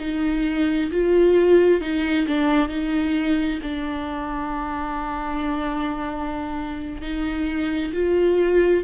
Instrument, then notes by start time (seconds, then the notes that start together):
viola
0.00 D#4
0.91 F4
1.81 D#4
2.27 D4
2.69 D#4
3.62 D4
7.02 D#4
7.93 F4